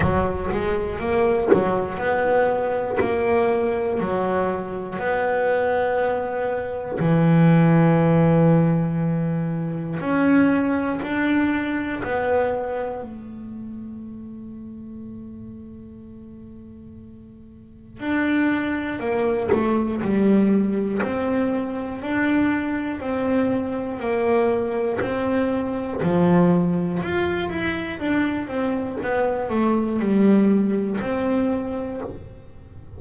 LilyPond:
\new Staff \with { instrumentName = "double bass" } { \time 4/4 \tempo 4 = 60 fis8 gis8 ais8 fis8 b4 ais4 | fis4 b2 e4~ | e2 cis'4 d'4 | b4 a2.~ |
a2 d'4 ais8 a8 | g4 c'4 d'4 c'4 | ais4 c'4 f4 f'8 e'8 | d'8 c'8 b8 a8 g4 c'4 | }